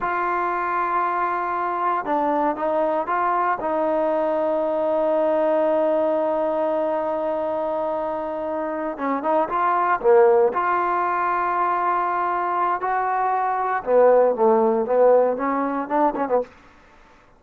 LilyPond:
\new Staff \with { instrumentName = "trombone" } { \time 4/4 \tempo 4 = 117 f'1 | d'4 dis'4 f'4 dis'4~ | dis'1~ | dis'1~ |
dis'4. cis'8 dis'8 f'4 ais8~ | ais8 f'2.~ f'8~ | f'4 fis'2 b4 | a4 b4 cis'4 d'8 cis'16 b16 | }